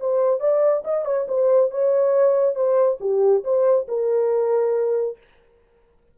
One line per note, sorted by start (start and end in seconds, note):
0.00 0.40 C5
0.40 0.83 D5
0.84 1.05 D#5
1.05 1.27 C#5
1.28 1.71 C5
1.71 2.55 C#5
2.55 2.98 C5
3.01 3.44 G4
3.44 3.87 C5
3.88 5.17 A#4